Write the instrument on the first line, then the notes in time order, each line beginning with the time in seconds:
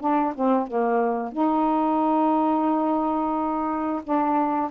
saxophone
0.00 D4
0.35 C4
0.67 A#3
1.32 D#4
4.04 D4